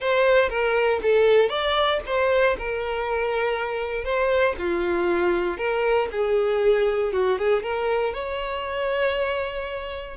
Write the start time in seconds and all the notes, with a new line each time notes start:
0.00 C5
0.49 A#4
1.02 A4
1.49 D5
2.06 C5
2.58 A#4
4.04 C5
4.58 F4
5.57 A#4
6.11 G#4
7.12 F#4
7.38 G#4
7.62 A#4
8.13 C#5